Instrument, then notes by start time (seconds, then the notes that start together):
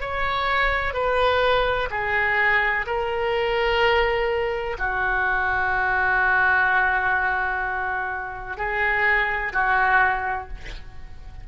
oboe
0.00 C#5
0.93 B4
1.90 G#4
2.86 A#4
4.78 F#4
8.57 G#4
9.52 F#4